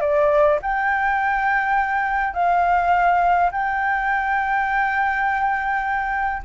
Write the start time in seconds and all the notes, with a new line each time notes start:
0.00 D5
0.61 G5
2.33 F5
3.51 G5